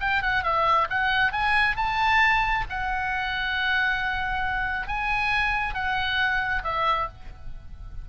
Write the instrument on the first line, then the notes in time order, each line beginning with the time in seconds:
oboe
0.00 G5
0.22 F#5
0.43 E5
0.89 F#5
1.32 G#5
1.76 A5
2.69 F#5
4.87 G#5
5.74 F#5
6.64 E5